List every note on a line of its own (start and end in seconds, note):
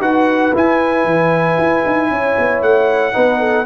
0.00 0.52 D#4
0.00 0.53 F#4
0.00 2.11 B4
0.00 0.54 F#5
0.54 3.13 E4
0.54 1.05 E4
0.54 2.62 G#5
1.05 1.57 E3
1.58 1.84 E4
1.86 2.11 D#4
2.11 2.37 C#4
2.11 3.14 C#5
2.38 2.62 B3
2.62 3.14 A3
2.62 3.66 F#5
3.13 3.66 B3
3.13 3.65 D#4
3.13 3.40 B4
3.40 3.66 A4